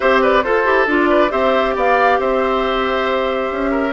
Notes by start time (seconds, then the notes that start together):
0.00 C4 G4 C5 E5
0.22 B4 D5
0.43 F4 A4 C5
0.65 E4 G4
0.86 D4 F4 D5
1.09 B4
1.30 C4 G4 C5 E5
1.75 B3 D5 F5
2.18 C4 C5 E5
3.51 C#4
3.71 A#4